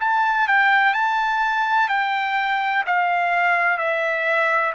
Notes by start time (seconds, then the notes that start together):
0.00 A5
0.48 G5
0.94 A5
1.88 G5
2.86 F5
3.77 E5